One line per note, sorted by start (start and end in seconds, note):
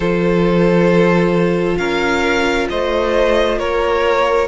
0.00 1.76 F3
0.00 4.48 F4
0.00 1.77 A4
0.00 1.77 C5
1.77 2.68 C#4
1.77 2.68 A#4
1.77 2.67 F5
2.69 3.59 A3
2.69 3.58 C5
2.69 3.58 D#5
3.58 4.48 A#3
3.58 4.48 A#4
3.58 4.48 C#5